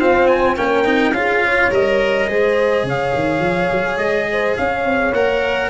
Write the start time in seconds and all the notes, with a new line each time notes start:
0.00 C4 F4 C5 F5
0.27 G#5
0.56 A#3 C#4 A#4 G5
0.85 C4 D#4
1.12 C#4 F4 G#4 F5
1.45 C#5
1.72 G3 A#4 D#5
2.28 G#3 G#4 C5
2.84 C#3 C#5 F5
3.14 D#3
3.40 F3
3.72 F#3
3.97 G#3 D#5
4.32 C5
4.57 C#4 C#5 F5
4.85 C4
5.13 A#3 A#4 F#5